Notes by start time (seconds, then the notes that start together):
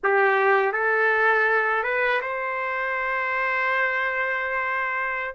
0.03 G4
0.72 A4
1.83 B4
2.21 C5